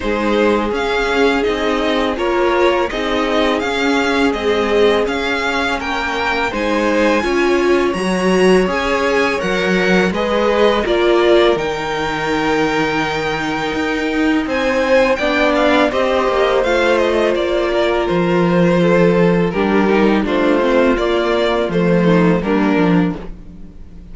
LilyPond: <<
  \new Staff \with { instrumentName = "violin" } { \time 4/4 \tempo 4 = 83 c''4 f''4 dis''4 cis''4 | dis''4 f''4 dis''4 f''4 | g''4 gis''2 ais''4 | gis''4 fis''4 dis''4 d''4 |
g''1 | gis''4 g''8 f''8 dis''4 f''8 dis''8 | d''4 c''2 ais'4 | c''4 d''4 c''4 ais'4 | }
  \new Staff \with { instrumentName = "violin" } { \time 4/4 gis'2. ais'4 | gis'1 | ais'4 c''4 cis''2~ | cis''2 b'4 ais'4~ |
ais'1 | c''4 d''4 c''2~ | c''8 ais'4. a'4 g'4 | f'2~ f'8 dis'8 d'4 | }
  \new Staff \with { instrumentName = "viola" } { \time 4/4 dis'4 cis'4 dis'4 f'4 | dis'4 cis'4 gis4 cis'4~ | cis'4 dis'4 f'4 fis'4 | gis'4 ais'4 gis'4 f'4 |
dis'1~ | dis'4 d'4 g'4 f'4~ | f'2. d'8 dis'8 | d'8 c'8 ais4 a4 ais8 d'8 | }
  \new Staff \with { instrumentName = "cello" } { \time 4/4 gis4 cis'4 c'4 ais4 | c'4 cis'4 c'4 cis'4 | ais4 gis4 cis'4 fis4 | cis'4 fis4 gis4 ais4 |
dis2. dis'4 | c'4 b4 c'8 ais8 a4 | ais4 f2 g4 | a4 ais4 f4 g8 f8 | }
>>